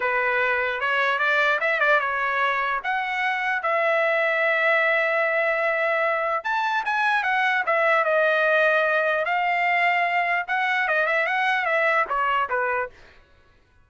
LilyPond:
\new Staff \with { instrumentName = "trumpet" } { \time 4/4 \tempo 4 = 149 b'2 cis''4 d''4 | e''8 d''8 cis''2 fis''4~ | fis''4 e''2.~ | e''1 |
a''4 gis''4 fis''4 e''4 | dis''2. f''4~ | f''2 fis''4 dis''8 e''8 | fis''4 e''4 cis''4 b'4 | }